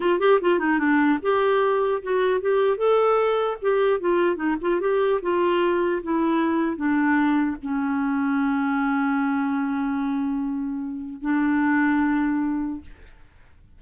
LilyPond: \new Staff \with { instrumentName = "clarinet" } { \time 4/4 \tempo 4 = 150 f'8 g'8 f'8 dis'8 d'4 g'4~ | g'4 fis'4 g'4 a'4~ | a'4 g'4 f'4 dis'8 f'8 | g'4 f'2 e'4~ |
e'4 d'2 cis'4~ | cis'1~ | cis'1 | d'1 | }